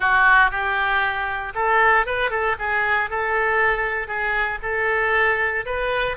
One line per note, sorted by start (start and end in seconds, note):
0.00 0.50 F#4
0.50 1.53 G4
1.54 2.06 A4
2.06 2.30 B4
2.30 2.55 A4
2.58 3.09 G#4
3.09 4.07 A4
4.07 4.58 G#4
4.62 5.65 A4
5.65 6.16 B4